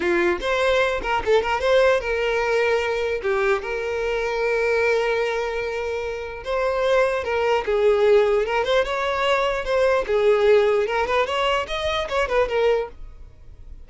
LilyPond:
\new Staff \with { instrumentName = "violin" } { \time 4/4 \tempo 4 = 149 f'4 c''4. ais'8 a'8 ais'8 | c''4 ais'2. | g'4 ais'2.~ | ais'1 |
c''2 ais'4 gis'4~ | gis'4 ais'8 c''8 cis''2 | c''4 gis'2 ais'8 b'8 | cis''4 dis''4 cis''8 b'8 ais'4 | }